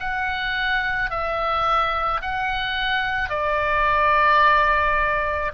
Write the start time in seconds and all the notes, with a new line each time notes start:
0.00 F#5
1.11 E5
2.22 F#5
3.30 D5